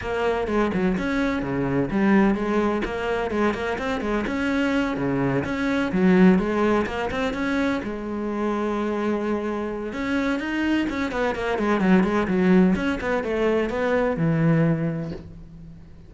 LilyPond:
\new Staff \with { instrumentName = "cello" } { \time 4/4 \tempo 4 = 127 ais4 gis8 fis8 cis'4 cis4 | g4 gis4 ais4 gis8 ais8 | c'8 gis8 cis'4. cis4 cis'8~ | cis'8 fis4 gis4 ais8 c'8 cis'8~ |
cis'8 gis2.~ gis8~ | gis4 cis'4 dis'4 cis'8 b8 | ais8 gis8 fis8 gis8 fis4 cis'8 b8 | a4 b4 e2 | }